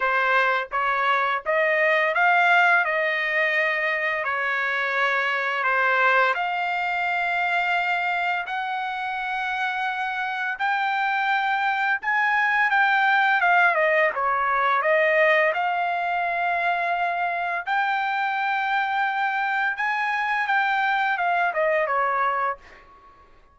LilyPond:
\new Staff \with { instrumentName = "trumpet" } { \time 4/4 \tempo 4 = 85 c''4 cis''4 dis''4 f''4 | dis''2 cis''2 | c''4 f''2. | fis''2. g''4~ |
g''4 gis''4 g''4 f''8 dis''8 | cis''4 dis''4 f''2~ | f''4 g''2. | gis''4 g''4 f''8 dis''8 cis''4 | }